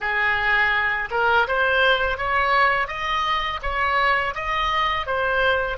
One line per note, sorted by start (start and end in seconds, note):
0.00 1.09 G#4
1.10 1.47 A#4
1.47 2.17 C5
2.17 2.87 C#5
2.87 3.59 D#5
3.62 4.34 C#5
4.34 5.06 D#5
5.06 5.77 C5